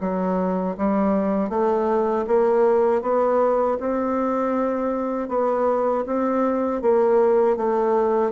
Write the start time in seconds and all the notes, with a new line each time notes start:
0.00 F#3
0.77 G3
1.49 A3
2.27 A#3
3.02 B3
3.79 C4
5.28 B3
6.06 C4
6.81 A#3
7.56 A3